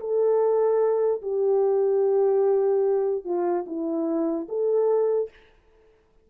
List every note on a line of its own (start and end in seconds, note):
0.00 1.22 A4
1.22 3.25 G4
3.25 3.66 F4
3.67 4.48 E4
4.49 5.30 A4